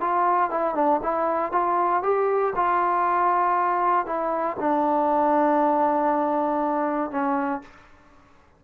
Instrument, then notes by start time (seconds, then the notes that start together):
trombone
0.00 F4
0.50 E4
0.74 D4
1.02 E4
1.52 F4
2.02 G4
2.55 F4
4.06 E4
4.59 D4
7.10 C#4